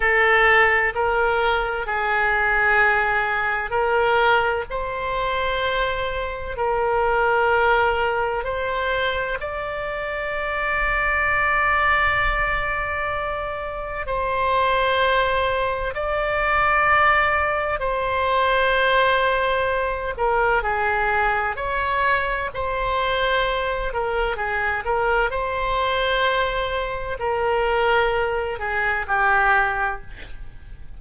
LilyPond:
\new Staff \with { instrumentName = "oboe" } { \time 4/4 \tempo 4 = 64 a'4 ais'4 gis'2 | ais'4 c''2 ais'4~ | ais'4 c''4 d''2~ | d''2. c''4~ |
c''4 d''2 c''4~ | c''4. ais'8 gis'4 cis''4 | c''4. ais'8 gis'8 ais'8 c''4~ | c''4 ais'4. gis'8 g'4 | }